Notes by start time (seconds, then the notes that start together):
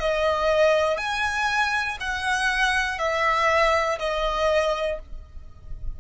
0.00 D#5
0.98 G#5
2.00 F#5
2.99 E5
3.99 D#5